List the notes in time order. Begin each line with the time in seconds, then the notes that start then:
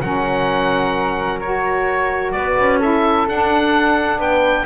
0.00 F#3 C#4 A#4 F#5
1.40 F#4 C#5
2.31 B3 B4 D5
2.57 C#4
2.79 E4 A4 E5
3.28 D4 F#5
4.18 B3 B4 G5